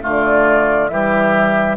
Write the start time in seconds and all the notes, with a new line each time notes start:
0.00 D3 A3 F4
0.06 D5
0.87 E3 G3 G4 E5